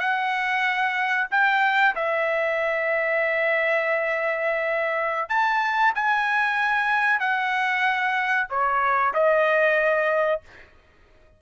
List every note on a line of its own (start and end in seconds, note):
0.00 1.28 F#5
1.31 1.95 G5
1.96 5.29 E5
5.29 5.93 A5
5.95 7.20 G#5
7.20 8.47 F#5
8.50 9.14 C#5
9.14 10.42 D#5